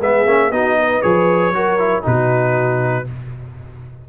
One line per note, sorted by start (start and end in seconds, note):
0.00 0.25 G#3
0.00 0.26 B3
0.00 0.52 G#4
0.00 0.52 E5
0.25 0.51 A#3
0.25 0.51 C#4
0.51 1.02 B3
0.51 1.02 D#4
0.51 0.77 F#4
0.51 1.02 D#5
0.81 1.55 B4
1.02 1.52 F3
1.02 1.53 G#4
1.02 2.04 C#5
1.52 2.03 F#3
1.52 1.79 F#4
1.52 2.03 A#4
1.79 2.03 E4
2.03 3.08 B2
2.03 3.04 D#4
2.03 3.05 F#4
2.03 3.08 B4